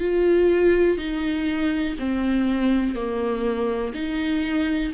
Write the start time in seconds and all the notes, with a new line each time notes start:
0.00 F4
0.97 D#4
1.99 C4
2.95 A#3
3.94 D#4